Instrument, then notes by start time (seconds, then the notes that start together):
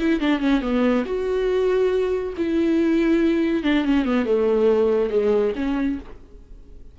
viola
0.00 E4
0.20 D4
0.40 C#4
0.62 B3
1.06 F#4
2.37 E4
3.64 D4
3.85 C#4
4.06 B3
4.26 A3
5.11 G#3
5.56 C#4